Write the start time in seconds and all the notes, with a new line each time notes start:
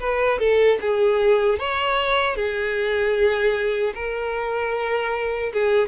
0.00 B4
0.39 A4
0.81 G#4
1.60 C#5
2.36 G#4
3.95 A#4
5.53 G#4